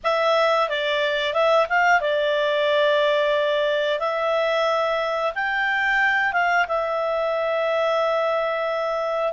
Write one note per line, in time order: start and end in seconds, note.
0.03 0.68 E5
0.68 1.33 D5
1.33 1.67 E5
1.69 2.00 F5
2.00 3.99 D5
3.99 5.32 E5
5.35 6.32 G5
6.32 6.65 F5
6.68 9.32 E5